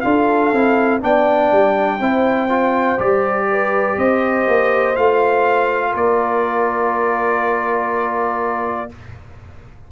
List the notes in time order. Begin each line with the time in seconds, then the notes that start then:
0.00 D4 F4 A4 F5
0.52 C4 E4
1.00 B3 D4 D5 G5
1.51 G3
1.99 C4 E4 C5
2.49 F4
2.98 G3 G4 D5
3.51 B4
3.97 C4 C5 D#5
4.47 A#3
4.95 A3 F4 F5
5.91 A#3 A#4 D5